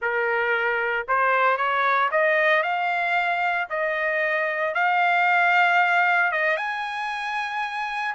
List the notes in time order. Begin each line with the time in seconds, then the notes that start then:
0.01 A#4
1.07 C5
1.57 C#5
2.11 D#5
2.62 F5
3.69 D#5
4.74 F5
6.31 D#5
6.56 G#5